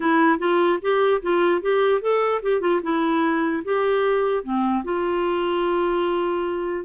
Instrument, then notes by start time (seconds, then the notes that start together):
clarinet
0.00 E4
0.38 F4
0.81 G4
1.22 F4
1.61 G4
2.01 A4
2.42 G4
2.60 F4
2.82 E4
3.64 G4
4.43 C4
4.84 F4